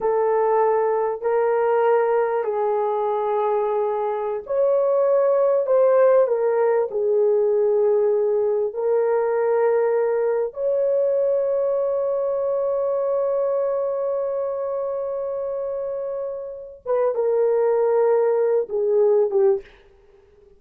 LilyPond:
\new Staff \with { instrumentName = "horn" } { \time 4/4 \tempo 4 = 98 a'2 ais'2 | gis'2.~ gis'16 cis''8.~ | cis''4~ cis''16 c''4 ais'4 gis'8.~ | gis'2~ gis'16 ais'4.~ ais'16~ |
ais'4~ ais'16 cis''2~ cis''8.~ | cis''1~ | cis''2.~ cis''8 b'8 | ais'2~ ais'8 gis'4 g'8 | }